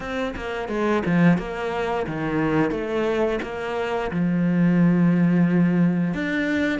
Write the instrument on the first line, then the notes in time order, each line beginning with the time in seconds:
cello
0.00 C4
0.36 A#3
0.68 G#3
1.05 F3
1.38 A#3
2.06 D#3
2.71 A3
3.42 A#3
4.11 F3
6.14 D4